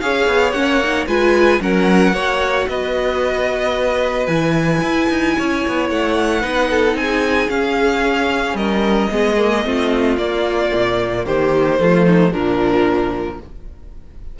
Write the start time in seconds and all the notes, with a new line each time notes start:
0.00 C#4 G#4 C#5 F5
0.27 B3
0.52 A#3 C#4 F#5
0.83 D#4
1.07 G#3 F4 B4 G#5
1.60 F#3 C#4 A#4 F#5
2.13 A#3 F#4 C#5
2.68 B3 B4 D#5
4.27 E3 E4 G#5
4.82 E4
5.09 D#4
5.37 C#4 C#5
5.67 B3
5.90 A3 F#5
6.41 B3 D#4 B4
6.70 A4
6.94 C4 G#5
7.01 G#4
7.48 C#4 F5
8.54 G3 A#4 D#5
9.11 G#3 B3 G#4
9.37 A#3
9.64 A3 C4 F4
10.17 A#3 D5
10.74 A#2
11.26 D#3 G4 C5
11.79 F3 A3 F4
12.06 D#4
12.32 A#2 F3 D4 A#4